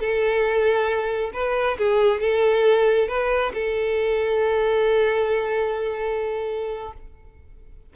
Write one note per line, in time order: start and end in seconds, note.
0.00 1.31 A4
1.34 1.78 B4
1.78 2.21 G#4
2.21 3.09 A4
3.09 3.53 B4
3.54 6.94 A4